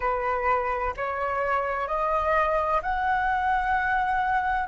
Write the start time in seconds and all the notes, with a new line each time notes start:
0.00 B4
0.96 C#5
1.87 D#5
2.82 F#5